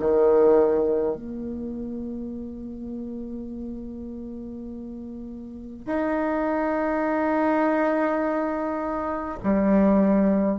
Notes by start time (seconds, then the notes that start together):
0.00 D#3
1.16 A#3
5.86 D#4
9.43 G3